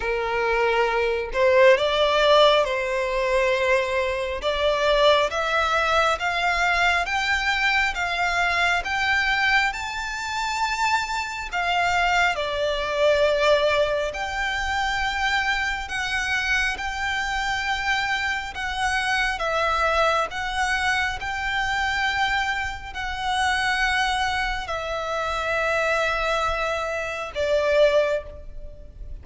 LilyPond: \new Staff \with { instrumentName = "violin" } { \time 4/4 \tempo 4 = 68 ais'4. c''8 d''4 c''4~ | c''4 d''4 e''4 f''4 | g''4 f''4 g''4 a''4~ | a''4 f''4 d''2 |
g''2 fis''4 g''4~ | g''4 fis''4 e''4 fis''4 | g''2 fis''2 | e''2. d''4 | }